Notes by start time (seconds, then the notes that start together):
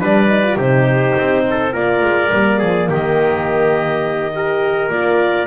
0.00 G3 D4 B4 D5
0.28 D#4
0.44 F4
0.56 C3 D#4 G4 C5
1.18 C4
1.50 A4
1.72 A#3 F4 A#4 D5
2.02 G#3
2.32 G3 A#3
2.59 F3 G#4
2.89 D#3 G4 D#5
4.34 G4 A#4
4.90 A#3 F4 D5